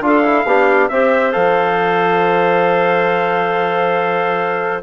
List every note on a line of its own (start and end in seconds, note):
0.00 0.44 D4
0.00 0.24 F4
0.00 0.46 A4
0.06 0.88 F5
0.24 0.46 E4
0.45 0.88 B3
0.45 0.91 D4
0.45 0.89 G4
0.88 1.33 C4
0.88 1.32 G4
0.88 4.83 C5
0.88 1.32 E5
1.32 4.83 F3
1.32 4.82 A4
1.32 4.82 F5